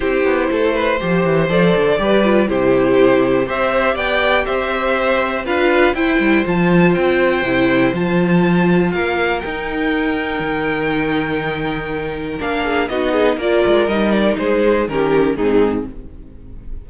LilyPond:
<<
  \new Staff \with { instrumentName = "violin" } { \time 4/4 \tempo 4 = 121 c''2. d''4~ | d''4 c''2 e''4 | g''4 e''2 f''4 | g''4 a''4 g''2 |
a''2 f''4 g''4~ | g''1~ | g''4 f''4 dis''4 d''4 | dis''8 d''8 c''4 ais'4 gis'4 | }
  \new Staff \with { instrumentName = "violin" } { \time 4/4 g'4 a'8 b'8 c''2 | b'4 g'2 c''4 | d''4 c''2 b'4 | c''1~ |
c''2 ais'2~ | ais'1~ | ais'4. gis'8 fis'8 gis'8 ais'4~ | ais'4 gis'4 g'4 dis'4 | }
  \new Staff \with { instrumentName = "viola" } { \time 4/4 e'2 g'4 a'4 | g'8 f'8 e'2 g'4~ | g'2. f'4 | e'4 f'2 e'4 |
f'2. dis'4~ | dis'1~ | dis'4 d'4 dis'4 f'4 | dis'2 cis'4 c'4 | }
  \new Staff \with { instrumentName = "cello" } { \time 4/4 c'8 b8 a4 f8 e8 f8 d8 | g4 c2 c'4 | b4 c'2 d'4 | e'8 g8 f4 c'4 c4 |
f2 ais4 dis'4~ | dis'4 dis2.~ | dis4 ais4 b4 ais8 gis8 | g4 gis4 dis4 gis,4 | }
>>